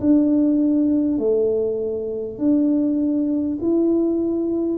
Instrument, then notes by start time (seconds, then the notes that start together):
tuba
0.00 D4
1.18 A3
2.38 D4
3.61 E4